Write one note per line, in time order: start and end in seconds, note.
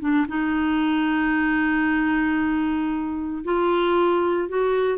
0.00 0.26 D4
0.28 3.44 D#4
3.44 4.49 F4
4.49 4.98 F#4